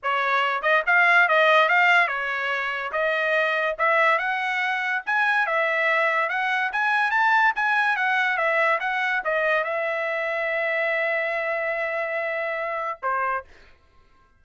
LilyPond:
\new Staff \with { instrumentName = "trumpet" } { \time 4/4 \tempo 4 = 143 cis''4. dis''8 f''4 dis''4 | f''4 cis''2 dis''4~ | dis''4 e''4 fis''2 | gis''4 e''2 fis''4 |
gis''4 a''4 gis''4 fis''4 | e''4 fis''4 dis''4 e''4~ | e''1~ | e''2. c''4 | }